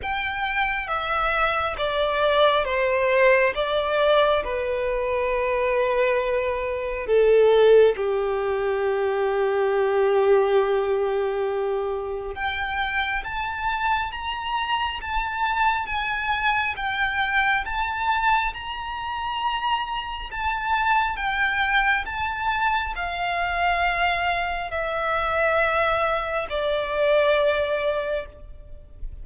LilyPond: \new Staff \with { instrumentName = "violin" } { \time 4/4 \tempo 4 = 68 g''4 e''4 d''4 c''4 | d''4 b'2. | a'4 g'2.~ | g'2 g''4 a''4 |
ais''4 a''4 gis''4 g''4 | a''4 ais''2 a''4 | g''4 a''4 f''2 | e''2 d''2 | }